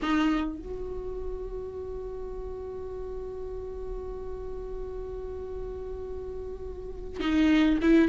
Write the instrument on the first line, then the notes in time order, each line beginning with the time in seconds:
viola
0.02 D#4
0.58 F#4
7.20 D#4
7.81 E4